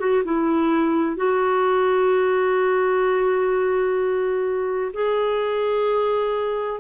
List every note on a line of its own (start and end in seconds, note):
0.00 0.23 F#4
0.25 1.17 E4
1.17 4.92 F#4
4.93 6.81 G#4